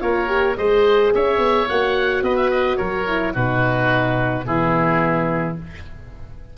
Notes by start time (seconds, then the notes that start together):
0.00 A#3 F4 A#4 C#5
0.28 G4
0.57 G#3 G#4 C5 D#5
1.14 C#4 C#5 E5
1.38 B3
1.69 A#3 F#4 F#5
2.22 B3 B4 D#5
2.37 E5
2.51 D#5
2.77 F#3 A#4 C#5
3.07 E4
3.34 B2 D#4 F#4 B4
4.46 E3 B3 E4 G#4